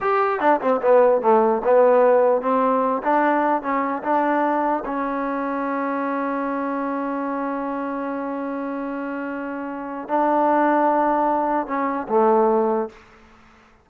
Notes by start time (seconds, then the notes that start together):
0.01 G4
0.40 D4
0.60 C4
0.81 B3
1.21 A3
1.64 B3
2.41 C4
3.02 D4
3.61 C#4
4.03 D4
4.85 C#4
10.08 D4
11.66 C#4
12.08 A3